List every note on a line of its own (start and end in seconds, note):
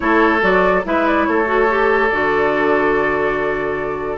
0.00 0.42 A3
0.00 0.40 E4
0.00 0.86 A4
0.00 0.42 C#5
0.41 0.84 F#3
0.41 0.83 F#4
0.41 0.85 D5
0.84 1.28 G#3
0.84 1.45 E4
0.84 1.28 B4
0.84 1.07 E5
1.07 1.25 D5
1.25 2.11 A3
1.25 4.17 A4
1.25 2.08 C#5
1.45 1.66 F#4
1.69 2.11 G4
2.08 4.17 D3
2.08 4.17 F#4
2.08 4.17 D5